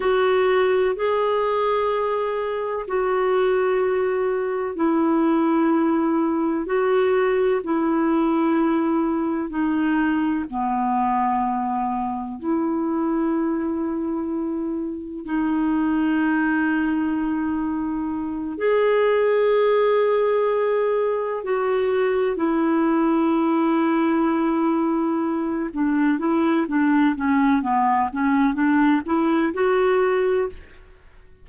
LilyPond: \new Staff \with { instrumentName = "clarinet" } { \time 4/4 \tempo 4 = 63 fis'4 gis'2 fis'4~ | fis'4 e'2 fis'4 | e'2 dis'4 b4~ | b4 e'2. |
dis'2.~ dis'8 gis'8~ | gis'2~ gis'8 fis'4 e'8~ | e'2. d'8 e'8 | d'8 cis'8 b8 cis'8 d'8 e'8 fis'4 | }